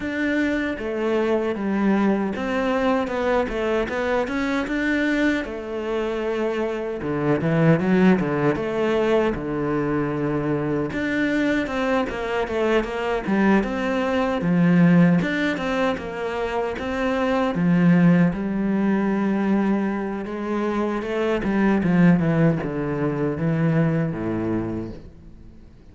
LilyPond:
\new Staff \with { instrumentName = "cello" } { \time 4/4 \tempo 4 = 77 d'4 a4 g4 c'4 | b8 a8 b8 cis'8 d'4 a4~ | a4 d8 e8 fis8 d8 a4 | d2 d'4 c'8 ais8 |
a8 ais8 g8 c'4 f4 d'8 | c'8 ais4 c'4 f4 g8~ | g2 gis4 a8 g8 | f8 e8 d4 e4 a,4 | }